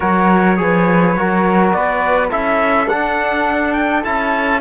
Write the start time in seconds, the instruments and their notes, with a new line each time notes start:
0.00 cello F#3, trombone F#4, flute A#4, trumpet C#5
0.56 cello F3, trombone G#4, flute B4
1.16 cello F#3, trombone F#4, flute A#4
1.72 cello B3, flute B4, trumpet D5
2.30 cello C#4, trombone E4, flute A4, trumpet E5
2.87 cello D4, trombone D4, trumpet F#5
3.73 trumpet G5
4.04 cello C#4, trombone E4, trumpet A5